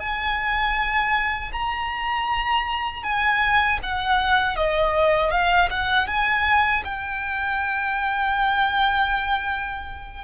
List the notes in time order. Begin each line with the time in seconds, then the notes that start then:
0.00 G#5
1.52 A#5
3.03 G#5
3.83 F#5
4.56 D#5
5.31 F5
5.70 F#5
6.08 G#5
6.84 G5